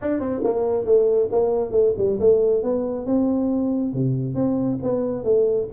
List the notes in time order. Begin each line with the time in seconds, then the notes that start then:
0.01 D4
0.20 C4
0.43 A#3
0.85 A3
1.31 A#3
1.71 A3
1.97 G3
2.19 A3
2.62 B3
3.06 C4
3.93 C3
4.34 C4
4.83 B3
5.23 A3